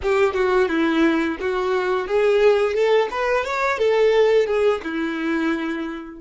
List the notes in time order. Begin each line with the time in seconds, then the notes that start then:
0.02 G4
0.34 F#4
0.68 E4
1.40 F#4
2.07 G#4
2.74 A4
3.10 B4
3.45 C#5
3.78 A4
4.46 G#4
4.83 E4